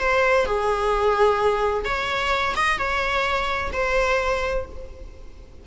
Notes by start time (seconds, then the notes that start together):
0.00 C5
0.46 G#4
1.85 C#5
2.56 D#5
2.79 C#5
3.73 C5